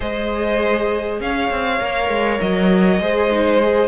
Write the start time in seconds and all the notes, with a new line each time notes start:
0.00 G#3 G#4 C5 D#5
1.20 C#4 C#5 F5
1.50 C4
1.80 A#3 A#4
2.09 G#3
2.40 F#3 D#5
3.00 G#3 G#4 C5
3.31 D#4
3.62 G#4